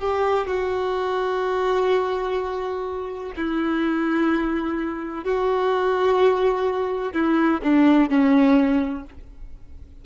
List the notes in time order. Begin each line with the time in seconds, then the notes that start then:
0.00 G4
0.47 F#4
3.36 E4
5.24 F#4
7.13 E4
7.63 D4
8.10 C#4